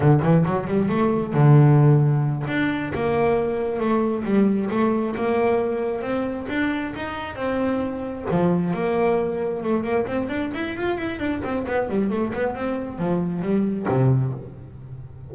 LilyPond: \new Staff \with { instrumentName = "double bass" } { \time 4/4 \tempo 4 = 134 d8 e8 fis8 g8 a4 d4~ | d4. d'4 ais4.~ | ais8 a4 g4 a4 ais8~ | ais4. c'4 d'4 dis'8~ |
dis'8 c'2 f4 ais8~ | ais4. a8 ais8 c'8 d'8 e'8 | f'8 e'8 d'8 c'8 b8 g8 a8 b8 | c'4 f4 g4 c4 | }